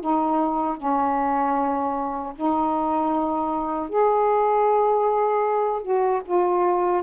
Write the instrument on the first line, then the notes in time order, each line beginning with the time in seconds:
saxophone
0.00 D#4
0.77 C#4
2.35 D#4
3.89 G#4
5.82 F#4
6.25 F4